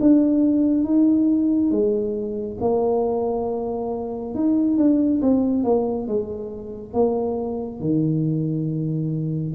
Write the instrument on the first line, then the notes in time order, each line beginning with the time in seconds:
tuba
0.00 D4
0.84 D#4
1.71 G#3
2.60 A#3
4.34 D#4
4.77 D4
5.22 C4
5.64 A#3
6.08 G#3
6.93 A#3
7.80 D#3